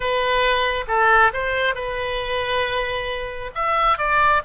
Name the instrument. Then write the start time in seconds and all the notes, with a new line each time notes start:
oboe
0.00 B4
0.87 A4
1.33 C5
1.74 B4
3.55 E5
3.97 D5